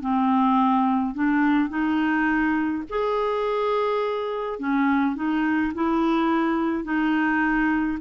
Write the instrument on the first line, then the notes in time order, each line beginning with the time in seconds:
clarinet
0.00 C4
1.14 D4
1.69 D#4
2.89 G#4
4.59 C#4
5.15 D#4
5.74 E4
6.84 D#4